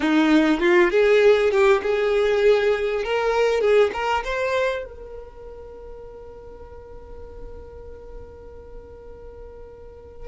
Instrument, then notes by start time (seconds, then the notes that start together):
violin
0.00 D#4
0.60 F4
0.90 G#4
1.51 G4
1.83 G#4
3.04 A#4
3.60 G#4
3.93 A#4
4.24 C5
4.85 A#4